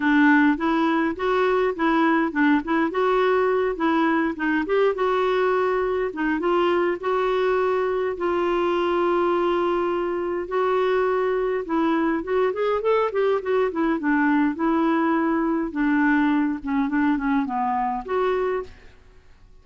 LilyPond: \new Staff \with { instrumentName = "clarinet" } { \time 4/4 \tempo 4 = 103 d'4 e'4 fis'4 e'4 | d'8 e'8 fis'4. e'4 dis'8 | g'8 fis'2 dis'8 f'4 | fis'2 f'2~ |
f'2 fis'2 | e'4 fis'8 gis'8 a'8 g'8 fis'8 e'8 | d'4 e'2 d'4~ | d'8 cis'8 d'8 cis'8 b4 fis'4 | }